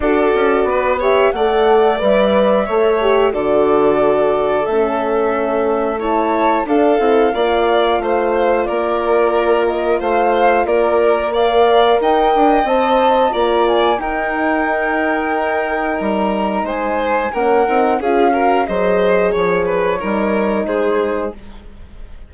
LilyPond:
<<
  \new Staff \with { instrumentName = "flute" } { \time 4/4 \tempo 4 = 90 d''4. e''8 fis''4 e''4~ | e''4 d''2 e''4~ | e''4 a''4 f''2~ | f''4 d''4. dis''8 f''4 |
d''4 f''4 g''4 a''4 | ais''8 gis''8 g''2. | ais''4 gis''4 fis''4 f''4 | dis''4 cis''2 c''4 | }
  \new Staff \with { instrumentName = "violin" } { \time 4/4 a'4 b'8 cis''8 d''2 | cis''4 a'2.~ | a'4 cis''4 a'4 d''4 | c''4 ais'2 c''4 |
ais'4 d''4 dis''2 | d''4 ais'2.~ | ais'4 c''4 ais'4 gis'8 ais'8 | c''4 cis''8 b'8 ais'4 gis'4 | }
  \new Staff \with { instrumentName = "horn" } { \time 4/4 fis'4. g'8 a'4 b'4 | a'8 g'8 fis'2 cis'4~ | cis'4 e'4 d'8 e'8 f'4~ | f'1~ |
f'4 ais'2 c''4 | f'4 dis'2.~ | dis'2 cis'8 dis'8 f'8 fis'8 | gis'2 dis'2 | }
  \new Staff \with { instrumentName = "bassoon" } { \time 4/4 d'8 cis'8 b4 a4 g4 | a4 d2 a4~ | a2 d'8 c'8 ais4 | a4 ais2 a4 |
ais2 dis'8 d'8 c'4 | ais4 dis'2. | g4 gis4 ais8 c'8 cis'4 | fis4 f4 g4 gis4 | }
>>